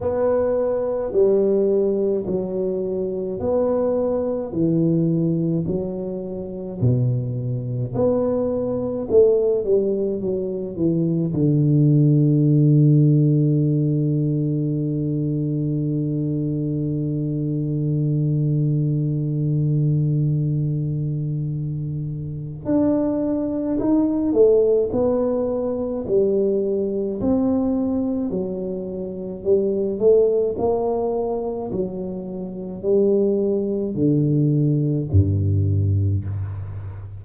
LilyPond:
\new Staff \with { instrumentName = "tuba" } { \time 4/4 \tempo 4 = 53 b4 g4 fis4 b4 | e4 fis4 b,4 b4 | a8 g8 fis8 e8 d2~ | d1~ |
d1 | d'4 dis'8 a8 b4 g4 | c'4 fis4 g8 a8 ais4 | fis4 g4 d4 g,4 | }